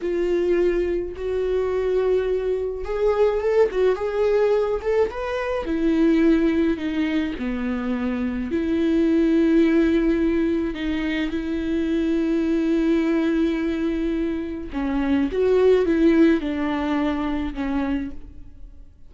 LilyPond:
\new Staff \with { instrumentName = "viola" } { \time 4/4 \tempo 4 = 106 f'2 fis'2~ | fis'4 gis'4 a'8 fis'8 gis'4~ | gis'8 a'8 b'4 e'2 | dis'4 b2 e'4~ |
e'2. dis'4 | e'1~ | e'2 cis'4 fis'4 | e'4 d'2 cis'4 | }